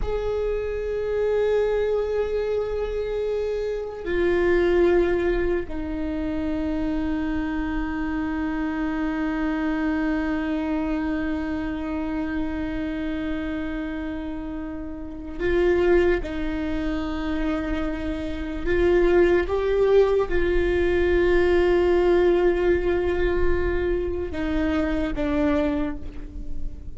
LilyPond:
\new Staff \with { instrumentName = "viola" } { \time 4/4 \tempo 4 = 74 gis'1~ | gis'4 f'2 dis'4~ | dis'1~ | dis'1~ |
dis'2. f'4 | dis'2. f'4 | g'4 f'2.~ | f'2 dis'4 d'4 | }